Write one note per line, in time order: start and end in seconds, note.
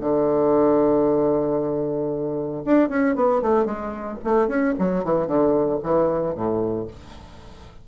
0.00 2.63 D3
2.65 2.89 D4
2.89 3.15 C#4
3.15 3.41 B3
3.41 3.65 A3
3.65 4.18 G#3
4.24 4.48 A3
4.48 4.74 C#4
4.78 5.04 F#3
5.04 5.27 E3
5.27 5.79 D3
5.83 6.35 E3
6.35 6.87 A2